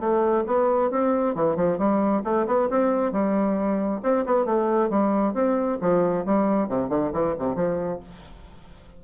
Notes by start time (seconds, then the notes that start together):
0.00 A3
0.46 B3
0.91 C4
1.35 E3
1.56 F3
1.78 G3
2.24 A3
2.47 B3
2.70 C4
3.12 G3
4.03 C4
4.26 B3
4.45 A3
4.90 G3
5.34 C4
5.81 F3
6.25 G3
6.69 C3
6.89 D3
7.13 E3
7.39 C3
7.55 F3